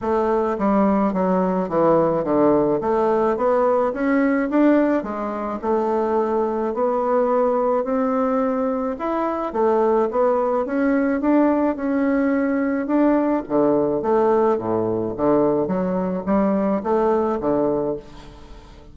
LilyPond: \new Staff \with { instrumentName = "bassoon" } { \time 4/4 \tempo 4 = 107 a4 g4 fis4 e4 | d4 a4 b4 cis'4 | d'4 gis4 a2 | b2 c'2 |
e'4 a4 b4 cis'4 | d'4 cis'2 d'4 | d4 a4 a,4 d4 | fis4 g4 a4 d4 | }